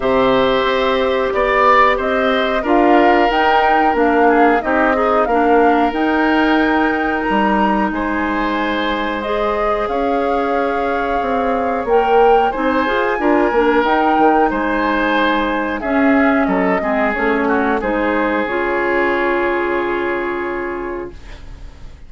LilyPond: <<
  \new Staff \with { instrumentName = "flute" } { \time 4/4 \tempo 4 = 91 e''2 d''4 dis''4 | f''4 g''4 f''4 dis''4 | f''4 g''2 ais''4 | gis''2 dis''4 f''4~ |
f''2 g''4 gis''4~ | gis''4 g''4 gis''2 | e''4 dis''4 cis''4 c''4 | cis''1 | }
  \new Staff \with { instrumentName = "oboe" } { \time 4/4 c''2 d''4 c''4 | ais'2~ ais'8 gis'8 g'8 dis'8 | ais'1 | c''2. cis''4~ |
cis''2. c''4 | ais'2 c''2 | gis'4 a'8 gis'4 fis'8 gis'4~ | gis'1 | }
  \new Staff \with { instrumentName = "clarinet" } { \time 4/4 g'1 | f'4 dis'4 d'4 dis'8 gis'8 | d'4 dis'2.~ | dis'2 gis'2~ |
gis'2 ais'4 dis'8 gis'8 | f'8 d'8 dis'2. | cis'4. c'8 cis'4 dis'4 | f'1 | }
  \new Staff \with { instrumentName = "bassoon" } { \time 4/4 c4 c'4 b4 c'4 | d'4 dis'4 ais4 c'4 | ais4 dis'2 g4 | gis2. cis'4~ |
cis'4 c'4 ais4 c'8 f'8 | d'8 ais8 dis'8 dis8 gis2 | cis'4 fis8 gis8 a4 gis4 | cis1 | }
>>